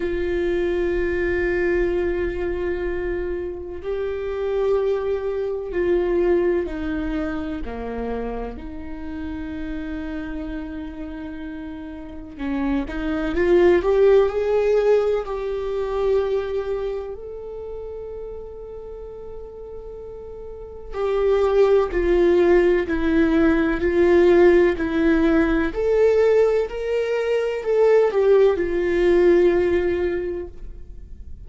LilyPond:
\new Staff \with { instrumentName = "viola" } { \time 4/4 \tempo 4 = 63 f'1 | g'2 f'4 dis'4 | ais4 dis'2.~ | dis'4 cis'8 dis'8 f'8 g'8 gis'4 |
g'2 a'2~ | a'2 g'4 f'4 | e'4 f'4 e'4 a'4 | ais'4 a'8 g'8 f'2 | }